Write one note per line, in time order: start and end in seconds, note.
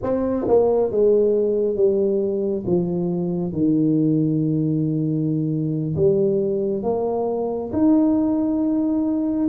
0.02 0.47 C4
0.48 0.91 A#3
0.91 1.76 G#3
1.76 2.64 G3
2.66 3.52 F3
3.52 5.95 D#3
5.96 6.83 G3
6.83 7.71 A#3
7.72 9.49 D#4